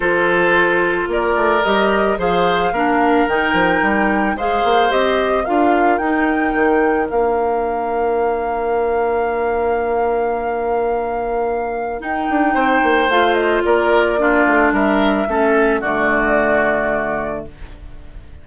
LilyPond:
<<
  \new Staff \with { instrumentName = "flute" } { \time 4/4 \tempo 4 = 110 c''2 d''4 dis''4 | f''2 g''2 | f''4 dis''4 f''4 g''4~ | g''4 f''2.~ |
f''1~ | f''2 g''2 | f''8 dis''8 d''2 e''4~ | e''4 d''2. | }
  \new Staff \with { instrumentName = "oboe" } { \time 4/4 a'2 ais'2 | c''4 ais'2. | c''2 ais'2~ | ais'1~ |
ais'1~ | ais'2. c''4~ | c''4 ais'4 f'4 ais'4 | a'4 fis'2. | }
  \new Staff \with { instrumentName = "clarinet" } { \time 4/4 f'2. g'4 | gis'4 d'4 dis'2 | gis'4 g'4 f'4 dis'4~ | dis'4 d'2.~ |
d'1~ | d'2 dis'2 | f'2 d'2 | cis'4 a2. | }
  \new Staff \with { instrumentName = "bassoon" } { \time 4/4 f2 ais8 a8 g4 | f4 ais4 dis8 f8 g4 | gis8 ais8 c'4 d'4 dis'4 | dis4 ais2.~ |
ais1~ | ais2 dis'8 d'8 c'8 ais8 | a4 ais4. a8 g4 | a4 d2. | }
>>